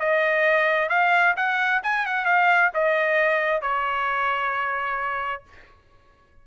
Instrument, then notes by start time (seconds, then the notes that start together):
trumpet
0.00 D#5
0.90 F5
1.37 F#5
1.84 G#5
2.07 F#5
2.26 F5
2.75 D#5
3.62 C#5